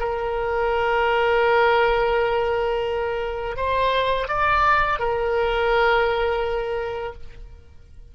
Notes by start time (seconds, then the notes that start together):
0.00 A#4
3.57 C5
4.29 D5
5.00 A#4